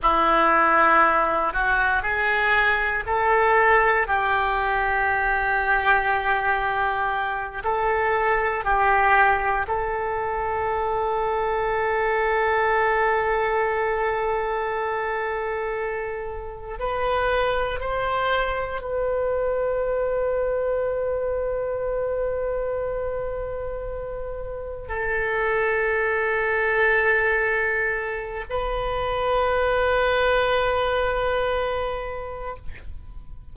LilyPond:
\new Staff \with { instrumentName = "oboe" } { \time 4/4 \tempo 4 = 59 e'4. fis'8 gis'4 a'4 | g'2.~ g'8 a'8~ | a'8 g'4 a'2~ a'8~ | a'1~ |
a'8 b'4 c''4 b'4.~ | b'1~ | b'8 a'2.~ a'8 | b'1 | }